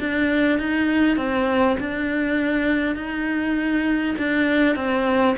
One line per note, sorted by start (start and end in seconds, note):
0.00 0.59 D4
0.59 1.17 D#4
1.17 1.77 C4
1.80 2.96 D4
2.96 4.16 D#4
4.18 4.76 D4
4.76 5.36 C4